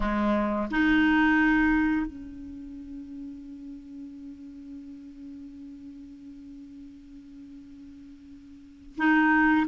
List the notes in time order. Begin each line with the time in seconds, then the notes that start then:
0.00 G#3
0.71 D#4
2.06 C#4
8.97 D#4